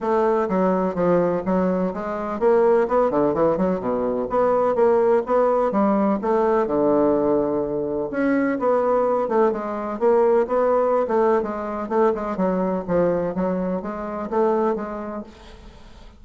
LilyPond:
\new Staff \with { instrumentName = "bassoon" } { \time 4/4 \tempo 4 = 126 a4 fis4 f4 fis4 | gis4 ais4 b8 d8 e8 fis8 | b,4 b4 ais4 b4 | g4 a4 d2~ |
d4 cis'4 b4. a8 | gis4 ais4 b4~ b16 a8. | gis4 a8 gis8 fis4 f4 | fis4 gis4 a4 gis4 | }